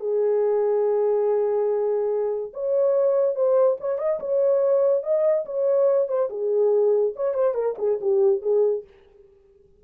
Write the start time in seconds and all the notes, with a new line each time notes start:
0.00 G#4
2.54 C#5
3.36 C5
3.80 C#5
3.99 D#5
4.20 C#5
5.03 D#5
5.45 C#5
6.08 C5
6.30 G#4
7.16 C#5
7.34 C5
7.54 A#4
7.79 G#4
8.01 G4
8.42 G#4